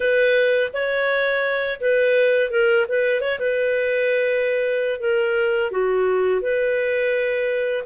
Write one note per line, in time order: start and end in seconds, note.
0.00 0.71 B4
0.73 1.80 C#5
1.80 2.50 B4
2.50 2.86 A#4
2.88 3.20 B4
3.20 3.38 C#5
3.39 4.99 B4
4.99 5.71 A#4
5.71 6.41 F#4
6.41 7.84 B4